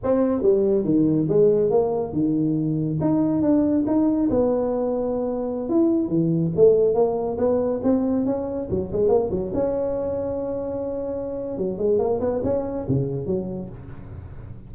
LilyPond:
\new Staff \with { instrumentName = "tuba" } { \time 4/4 \tempo 4 = 140 c'4 g4 dis4 gis4 | ais4 dis2 dis'4 | d'4 dis'4 b2~ | b4~ b16 e'4 e4 a8.~ |
a16 ais4 b4 c'4 cis'8.~ | cis'16 fis8 gis8 ais8 fis8 cis'4.~ cis'16~ | cis'2. fis8 gis8 | ais8 b8 cis'4 cis4 fis4 | }